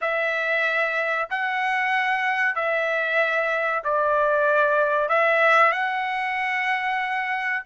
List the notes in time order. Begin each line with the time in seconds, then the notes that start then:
0.01 E5
1.30 F#5
2.55 E5
3.84 D5
5.09 E5
5.71 F#5